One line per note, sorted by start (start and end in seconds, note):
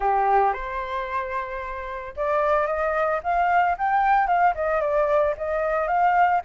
0.00 0.53 G4
0.53 2.14 C5
2.16 2.66 D5
2.66 3.20 D#5
3.23 3.76 F5
3.77 4.27 G5
4.27 4.53 F5
4.54 4.80 D#5
4.80 5.34 D5
5.37 5.87 D#5
5.87 6.41 F5